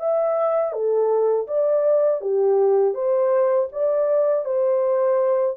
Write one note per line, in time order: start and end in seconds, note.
0.00 0.73 E5
0.73 1.47 A4
1.48 2.21 D5
2.21 2.95 G4
2.95 3.69 C5
3.73 4.45 D5
4.45 5.57 C5